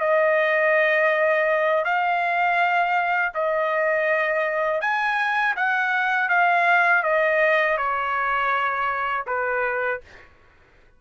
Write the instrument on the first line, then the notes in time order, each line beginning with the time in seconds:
trumpet
0.00 D#5
1.85 F5
3.34 D#5
4.81 G#5
5.56 F#5
6.29 F5
7.03 D#5
7.77 C#5
9.27 B4